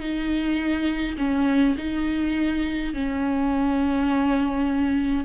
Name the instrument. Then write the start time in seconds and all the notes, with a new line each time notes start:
viola
0.00 D#4
1.18 C#4
1.78 D#4
2.94 C#4